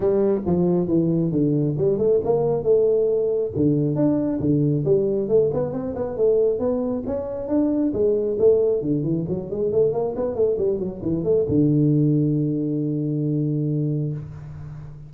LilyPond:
\new Staff \with { instrumentName = "tuba" } { \time 4/4 \tempo 4 = 136 g4 f4 e4 d4 | g8 a8 ais4 a2 | d4 d'4 d4 g4 | a8 b8 c'8 b8 a4 b4 |
cis'4 d'4 gis4 a4 | d8 e8 fis8 gis8 a8 ais8 b8 a8 | g8 fis8 e8 a8 d2~ | d1 | }